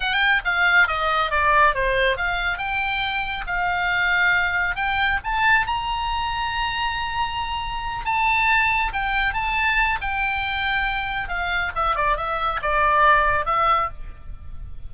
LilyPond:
\new Staff \with { instrumentName = "oboe" } { \time 4/4 \tempo 4 = 138 g''4 f''4 dis''4 d''4 | c''4 f''4 g''2 | f''2. g''4 | a''4 ais''2.~ |
ais''2~ ais''8 a''4.~ | a''8 g''4 a''4. g''4~ | g''2 f''4 e''8 d''8 | e''4 d''2 e''4 | }